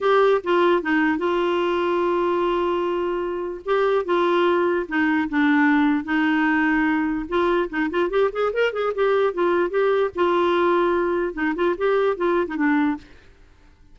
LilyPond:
\new Staff \with { instrumentName = "clarinet" } { \time 4/4 \tempo 4 = 148 g'4 f'4 dis'4 f'4~ | f'1~ | f'4 g'4 f'2 | dis'4 d'2 dis'4~ |
dis'2 f'4 dis'8 f'8 | g'8 gis'8 ais'8 gis'8 g'4 f'4 | g'4 f'2. | dis'8 f'8 g'4 f'8. dis'16 d'4 | }